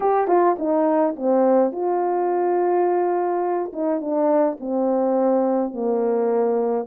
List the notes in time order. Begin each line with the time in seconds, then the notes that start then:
0.00 G4
0.27 F4
0.58 D#4
1.16 C4
1.71 F4
3.72 D#4
4.00 D4
4.59 C4
5.73 A#3